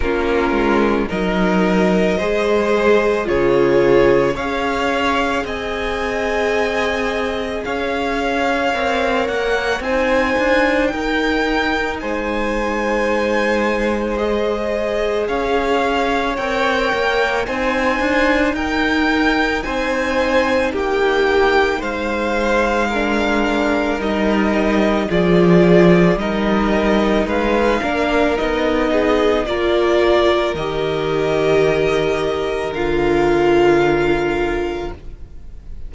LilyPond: <<
  \new Staff \with { instrumentName = "violin" } { \time 4/4 \tempo 4 = 55 ais'4 dis''2 cis''4 | f''4 gis''2 f''4~ | f''8 fis''8 gis''4 g''4 gis''4~ | gis''4 dis''4 f''4 g''4 |
gis''4 g''4 gis''4 g''4 | f''2 dis''4 d''4 | dis''4 f''4 dis''4 d''4 | dis''2 f''2 | }
  \new Staff \with { instrumentName = "violin" } { \time 4/4 f'4 ais'4 c''4 gis'4 | cis''4 dis''2 cis''4~ | cis''4 c''4 ais'4 c''4~ | c''2 cis''2 |
c''4 ais'4 c''4 g'4 | c''4 ais'2 gis'4 | ais'4 b'8 ais'4 gis'8 ais'4~ | ais'1 | }
  \new Staff \with { instrumentName = "viola" } { \time 4/4 cis'4 dis'4 gis'4 f'4 | gis'1 | ais'4 dis'2.~ | dis'4 gis'2 ais'4 |
dis'1~ | dis'4 d'4 dis'4 f'4 | dis'4. d'8 dis'4 f'4 | g'2 f'2 | }
  \new Staff \with { instrumentName = "cello" } { \time 4/4 ais8 gis8 fis4 gis4 cis4 | cis'4 c'2 cis'4 | c'8 ais8 c'8 d'8 dis'4 gis4~ | gis2 cis'4 c'8 ais8 |
c'8 d'8 dis'4 c'4 ais4 | gis2 g4 f4 | g4 gis8 ais8 b4 ais4 | dis2 d2 | }
>>